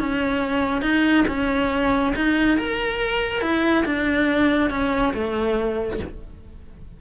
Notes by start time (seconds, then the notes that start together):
0.00 C#4
0.82 D#4
1.28 C#4
2.16 D#4
2.58 A#4
3.41 E4
3.86 D4
4.70 C#4
5.14 A3